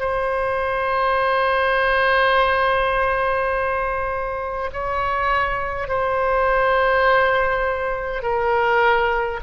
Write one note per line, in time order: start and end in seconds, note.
0.00 4.71 C5
4.73 5.88 C#5
5.88 8.23 C5
8.23 9.41 A#4